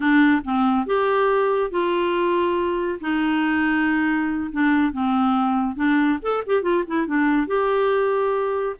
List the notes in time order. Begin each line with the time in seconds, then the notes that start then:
0.00 D4
0.44 C4
0.86 G4
1.70 F4
3.00 D#4
4.52 D4
4.92 C4
5.75 D4
6.22 A4
6.46 G4
6.62 F4
6.87 E4
7.07 D4
7.47 G4